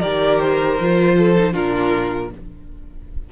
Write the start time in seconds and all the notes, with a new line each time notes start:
0.00 D#3 G4 A#4 D5
0.39 C5
0.79 F3 F4
1.17 A4
1.37 D#4
1.52 A#2 D4 F4 A#4